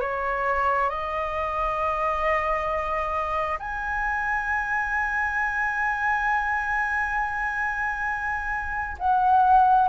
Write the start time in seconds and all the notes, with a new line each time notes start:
0.00 C#5
0.90 D#5
3.59 G#5
8.99 F#5